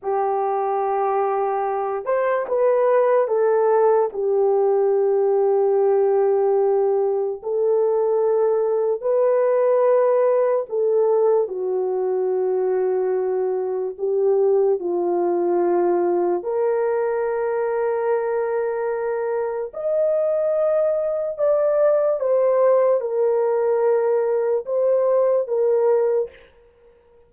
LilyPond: \new Staff \with { instrumentName = "horn" } { \time 4/4 \tempo 4 = 73 g'2~ g'8 c''8 b'4 | a'4 g'2.~ | g'4 a'2 b'4~ | b'4 a'4 fis'2~ |
fis'4 g'4 f'2 | ais'1 | dis''2 d''4 c''4 | ais'2 c''4 ais'4 | }